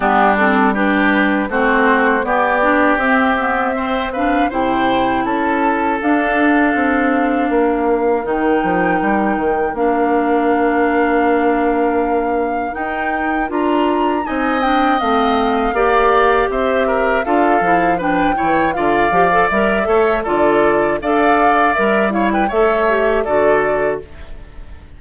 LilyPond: <<
  \new Staff \with { instrumentName = "flute" } { \time 4/4 \tempo 4 = 80 g'8 a'8 b'4 c''4 d''4 | e''4. f''8 g''4 a''4 | f''2. g''4~ | g''4 f''2.~ |
f''4 g''4 ais''4 gis''8 g''8 | f''2 e''4 f''4 | g''4 f''4 e''4 d''4 | f''4 e''8 f''16 g''16 e''4 d''4 | }
  \new Staff \with { instrumentName = "oboe" } { \time 4/4 d'4 g'4 fis'4 g'4~ | g'4 c''8 b'8 c''4 a'4~ | a'2 ais'2~ | ais'1~ |
ais'2. dis''4~ | dis''4 d''4 c''8 ais'8 a'4 | b'8 cis''8 d''4. cis''8 a'4 | d''4. cis''16 b'16 cis''4 a'4 | }
  \new Staff \with { instrumentName = "clarinet" } { \time 4/4 b8 c'8 d'4 c'4 b8 d'8 | c'8 b8 c'8 d'8 e'2 | d'2. dis'4~ | dis'4 d'2.~ |
d'4 dis'4 f'4 dis'8 d'8 | c'4 g'2 f'8 e'8 | d'8 e'8 f'8 g'16 a'16 ais'8 a'8 f'4 | a'4 ais'8 e'8 a'8 g'8 fis'4 | }
  \new Staff \with { instrumentName = "bassoon" } { \time 4/4 g2 a4 b4 | c'2 c4 cis'4 | d'4 c'4 ais4 dis8 f8 | g8 dis8 ais2.~ |
ais4 dis'4 d'4 c'4 | a4 ais4 c'4 d'8 f8~ | f8 e8 d8 f8 g8 a8 d4 | d'4 g4 a4 d4 | }
>>